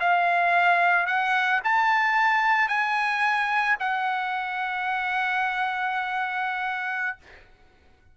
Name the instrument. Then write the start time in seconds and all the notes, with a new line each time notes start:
trumpet
0.00 F5
1.06 F#5
1.64 A5
2.68 G#5
3.79 F#5